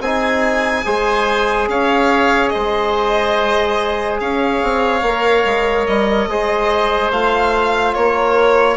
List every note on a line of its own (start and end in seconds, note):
0.00 0.83 C4
0.00 0.85 D#4
0.00 0.86 G#4
0.00 1.69 G#5
0.85 1.69 G#3
0.85 5.02 G#4
0.85 1.69 C5
1.69 2.52 C#4
1.69 2.54 C#5
1.69 2.49 F5
2.49 4.21 C5
2.49 4.16 D#5
2.56 4.21 G#3
4.20 4.62 C#4
4.20 6.30 C#5
4.20 5.87 F5
4.63 5.03 C4
5.03 5.44 A#3
5.03 6.30 A#4
5.45 5.87 G#3
5.87 6.28 G3
5.87 7.12 D#5
6.28 7.11 G#3
6.28 7.13 G#4
6.28 7.95 C5
7.11 7.94 A3
7.11 8.77 F4
7.11 7.94 F5
7.94 8.77 A#3
7.94 8.77 A#4
7.94 8.77 C#5